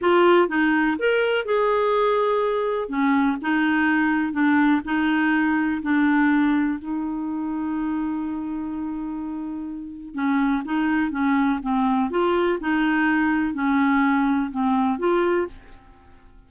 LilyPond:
\new Staff \with { instrumentName = "clarinet" } { \time 4/4 \tempo 4 = 124 f'4 dis'4 ais'4 gis'4~ | gis'2 cis'4 dis'4~ | dis'4 d'4 dis'2 | d'2 dis'2~ |
dis'1~ | dis'4 cis'4 dis'4 cis'4 | c'4 f'4 dis'2 | cis'2 c'4 f'4 | }